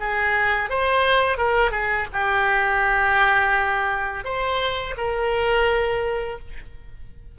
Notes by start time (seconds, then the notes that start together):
0.00 G#4
0.70 C5
1.38 A#4
1.71 G#4
2.13 G4
4.24 C5
4.97 A#4